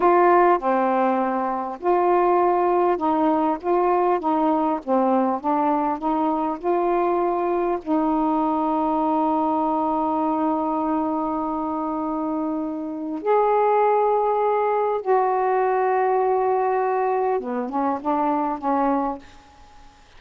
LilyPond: \new Staff \with { instrumentName = "saxophone" } { \time 4/4 \tempo 4 = 100 f'4 c'2 f'4~ | f'4 dis'4 f'4 dis'4 | c'4 d'4 dis'4 f'4~ | f'4 dis'2.~ |
dis'1~ | dis'2 gis'2~ | gis'4 fis'2.~ | fis'4 b8 cis'8 d'4 cis'4 | }